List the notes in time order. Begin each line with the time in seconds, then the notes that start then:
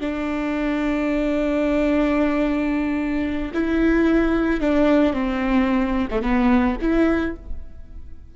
0.00 D4
3.54 E4
4.61 D4
5.13 C4
6.11 A3
6.22 B3
6.81 E4